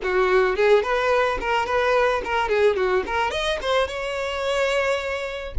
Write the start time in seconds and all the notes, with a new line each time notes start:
0.02 F#4
0.56 G#4
0.82 B4
1.40 A#4
1.66 B4
2.24 A#4
2.48 G#4
2.76 F#4
3.06 A#4
3.30 D#5
3.61 C5
3.87 C#5